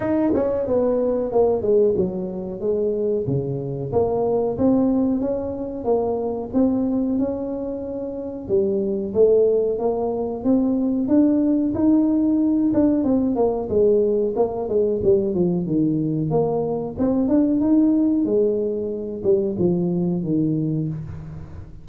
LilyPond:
\new Staff \with { instrumentName = "tuba" } { \time 4/4 \tempo 4 = 92 dis'8 cis'8 b4 ais8 gis8 fis4 | gis4 cis4 ais4 c'4 | cis'4 ais4 c'4 cis'4~ | cis'4 g4 a4 ais4 |
c'4 d'4 dis'4. d'8 | c'8 ais8 gis4 ais8 gis8 g8 f8 | dis4 ais4 c'8 d'8 dis'4 | gis4. g8 f4 dis4 | }